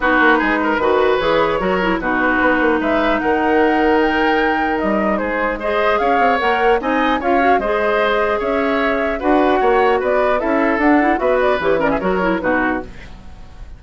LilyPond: <<
  \new Staff \with { instrumentName = "flute" } { \time 4/4 \tempo 4 = 150 b'2. cis''4~ | cis''4 b'2 e''4 | fis''2 g''2 | dis''4 c''4 dis''4 f''4 |
fis''4 gis''4 f''4 dis''4~ | dis''4 e''2 fis''4~ | fis''4 d''4 e''4 fis''4 | e''8 d''8 cis''8 d''16 e''16 cis''4 b'4 | }
  \new Staff \with { instrumentName = "oboe" } { \time 4/4 fis'4 gis'8 ais'8 b'2 | ais'4 fis'2 b'4 | ais'1~ | ais'4 gis'4 c''4 cis''4~ |
cis''4 dis''4 cis''4 c''4~ | c''4 cis''2 b'4 | cis''4 b'4 a'2 | b'4. ais'16 gis'16 ais'4 fis'4 | }
  \new Staff \with { instrumentName = "clarinet" } { \time 4/4 dis'2 fis'4 gis'4 | fis'8 e'8 dis'2.~ | dis'1~ | dis'2 gis'2 |
ais'4 dis'4 f'8 fis'8 gis'4~ | gis'2. fis'4~ | fis'2 e'4 d'8 e'8 | fis'4 g'8 cis'8 fis'8 e'8 dis'4 | }
  \new Staff \with { instrumentName = "bassoon" } { \time 4/4 b8 ais8 gis4 dis4 e4 | fis4 b,4 b8 ais8 gis4 | dis1 | g4 gis2 cis'8 c'8 |
ais4 c'4 cis'4 gis4~ | gis4 cis'2 d'4 | ais4 b4 cis'4 d'4 | b4 e4 fis4 b,4 | }
>>